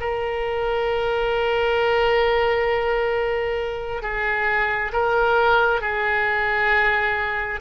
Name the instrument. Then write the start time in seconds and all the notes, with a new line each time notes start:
oboe
0.00 A#4
4.03 G#4
4.93 A#4
5.81 G#4